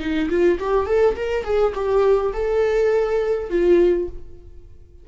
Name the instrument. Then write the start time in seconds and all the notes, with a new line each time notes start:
viola
0.00 D#4
0.29 F4
0.60 G4
0.86 A4
1.16 A#4
1.44 G#4
1.74 G4
2.34 A4
3.50 F4